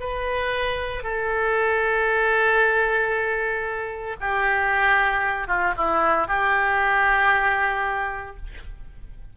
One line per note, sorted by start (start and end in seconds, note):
0.00 1.03 B4
1.03 4.16 A4
4.20 5.48 G4
5.48 5.74 F4
5.77 6.28 E4
6.28 8.36 G4